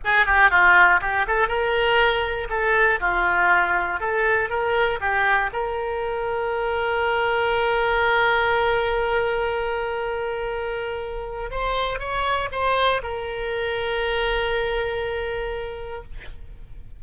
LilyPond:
\new Staff \with { instrumentName = "oboe" } { \time 4/4 \tempo 4 = 120 gis'8 g'8 f'4 g'8 a'8 ais'4~ | ais'4 a'4 f'2 | a'4 ais'4 g'4 ais'4~ | ais'1~ |
ais'1~ | ais'2. c''4 | cis''4 c''4 ais'2~ | ais'1 | }